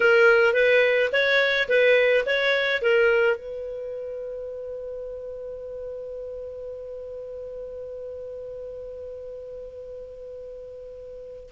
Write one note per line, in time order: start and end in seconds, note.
0.00 0.53 A#4
0.53 1.09 B4
1.12 1.68 C#5
1.68 2.25 B4
2.26 2.82 C#5
2.82 3.36 A#4
3.36 11.49 B4